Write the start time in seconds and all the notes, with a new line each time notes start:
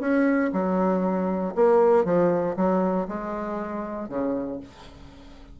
0.00 C#4
0.53 F#3
1.55 A#3
2.05 F3
2.56 F#3
3.08 G#3
4.09 C#3